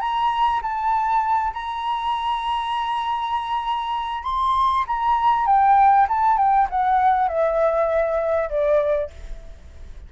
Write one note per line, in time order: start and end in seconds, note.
0.00 0.61 A#5
0.62 1.53 A5
1.53 4.23 A#5
4.23 4.84 C6
4.87 5.46 A#5
5.46 6.07 G5
6.09 6.37 A5
6.37 6.67 G5
6.70 7.28 F#5
7.28 8.49 E5
8.50 9.10 D5